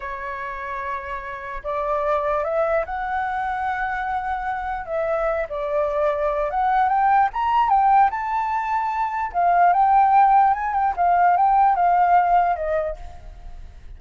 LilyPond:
\new Staff \with { instrumentName = "flute" } { \time 4/4 \tempo 4 = 148 cis''1 | d''2 e''4 fis''4~ | fis''1 | e''4. d''2~ d''8 |
fis''4 g''4 ais''4 g''4 | a''2. f''4 | g''2 gis''8 g''8 f''4 | g''4 f''2 dis''4 | }